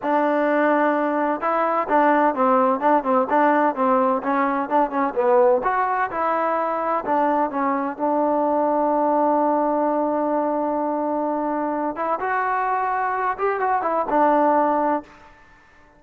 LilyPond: \new Staff \with { instrumentName = "trombone" } { \time 4/4 \tempo 4 = 128 d'2. e'4 | d'4 c'4 d'8 c'8 d'4 | c'4 cis'4 d'8 cis'8 b4 | fis'4 e'2 d'4 |
cis'4 d'2.~ | d'1~ | d'4. e'8 fis'2~ | fis'8 g'8 fis'8 e'8 d'2 | }